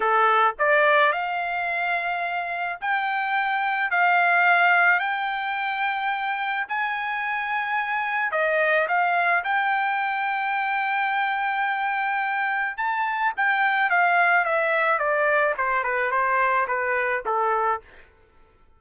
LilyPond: \new Staff \with { instrumentName = "trumpet" } { \time 4/4 \tempo 4 = 108 a'4 d''4 f''2~ | f''4 g''2 f''4~ | f''4 g''2. | gis''2. dis''4 |
f''4 g''2.~ | g''2. a''4 | g''4 f''4 e''4 d''4 | c''8 b'8 c''4 b'4 a'4 | }